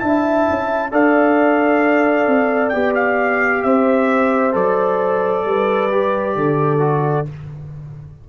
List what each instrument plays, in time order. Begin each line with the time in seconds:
0.00 tuba D4, trombone E4, horn E5, trumpet A5
0.50 tuba C#4
0.92 tuba D4, trombone A4, horn D5, trumpet F5
2.27 tuba C4
2.70 tuba B3, trombone G4, trumpet G5
2.95 trumpet F5
3.63 tuba C4, horn C5, trumpet E5
4.53 tuba F#3, trombone A4, trumpet D5
5.45 tuba G3, horn B4
5.91 trombone G4
6.36 tuba D3, horn A4
6.80 trombone F#4